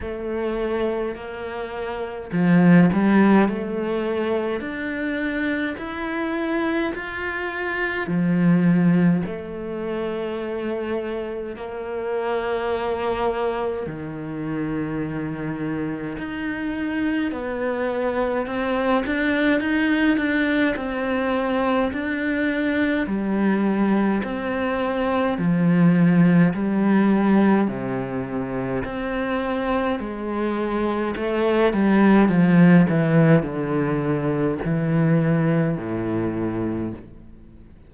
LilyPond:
\new Staff \with { instrumentName = "cello" } { \time 4/4 \tempo 4 = 52 a4 ais4 f8 g8 a4 | d'4 e'4 f'4 f4 | a2 ais2 | dis2 dis'4 b4 |
c'8 d'8 dis'8 d'8 c'4 d'4 | g4 c'4 f4 g4 | c4 c'4 gis4 a8 g8 | f8 e8 d4 e4 a,4 | }